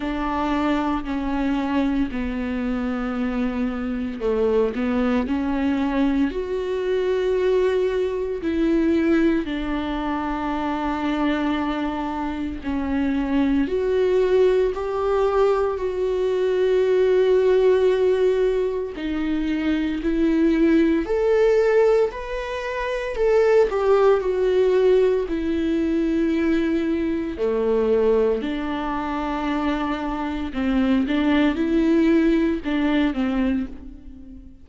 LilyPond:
\new Staff \with { instrumentName = "viola" } { \time 4/4 \tempo 4 = 57 d'4 cis'4 b2 | a8 b8 cis'4 fis'2 | e'4 d'2. | cis'4 fis'4 g'4 fis'4~ |
fis'2 dis'4 e'4 | a'4 b'4 a'8 g'8 fis'4 | e'2 a4 d'4~ | d'4 c'8 d'8 e'4 d'8 c'8 | }